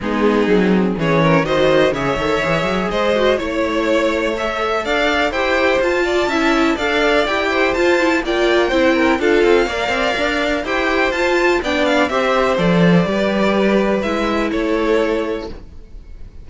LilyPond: <<
  \new Staff \with { instrumentName = "violin" } { \time 4/4 \tempo 4 = 124 gis'2 cis''4 dis''4 | e''2 dis''4 cis''4~ | cis''4 e''4 f''4 g''4 | a''2 f''4 g''4 |
a''4 g''2 f''4~ | f''2 g''4 a''4 | g''8 f''8 e''4 d''2~ | d''4 e''4 cis''2 | }
  \new Staff \with { instrumentName = "violin" } { \time 4/4 dis'2 gis'8 ais'8 c''4 | cis''2 c''4 cis''4~ | cis''2 d''4 c''4~ | c''8 d''8 e''4 d''4. c''8~ |
c''4 d''4 c''8 ais'8 a'4 | d''2 c''2 | d''4 c''2 b'4~ | b'2 a'2 | }
  \new Staff \with { instrumentName = "viola" } { \time 4/4 b4 c'4 cis'4 fis'4 | gis'8 a'8 gis'4. fis'8 e'4~ | e'4 a'2 g'4 | f'4 e'4 a'4 g'4 |
f'8 e'8 f'4 e'4 f'4 | ais'2 g'4 f'4 | d'4 g'4 a'4 g'4~ | g'4 e'2. | }
  \new Staff \with { instrumentName = "cello" } { \time 4/4 gis4 fis4 e4 dis4 | cis8 dis8 e8 fis8 gis4 a4~ | a2 d'4 e'4 | f'4 cis'4 d'4 e'4 |
f'4 ais4 c'4 d'8 c'8 | ais8 c'8 d'4 e'4 f'4 | b4 c'4 f4 g4~ | g4 gis4 a2 | }
>>